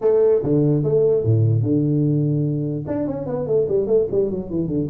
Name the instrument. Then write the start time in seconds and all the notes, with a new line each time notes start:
tuba
0.01 A3
0.43 D3
0.83 A3
1.24 A2
1.62 D3
2.87 D4
3.07 C#4
3.26 B3
3.46 A3
3.68 G3
3.86 A3
4.11 G3
4.30 F#3
4.50 E3
4.67 D3